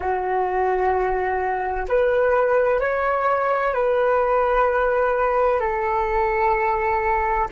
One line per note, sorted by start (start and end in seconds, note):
0.00 1.86 F#4
1.88 2.80 B4
2.80 3.73 C#5
3.74 5.60 B4
5.60 7.47 A4